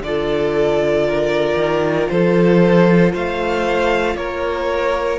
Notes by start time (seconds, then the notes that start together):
0.00 D3 F4 A4 D5
1.08 A#4
1.56 D#3
2.09 F3 A4 C5
3.13 A3 C5 F5
4.15 A#3 A#4 C#5